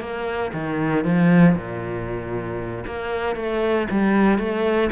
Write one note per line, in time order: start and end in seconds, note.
0.00 0.52 A#3
0.53 1.05 D#3
1.05 1.55 F3
1.55 2.85 A#2
2.86 3.36 A#3
3.36 3.87 A3
3.90 4.38 G3
4.38 4.90 A3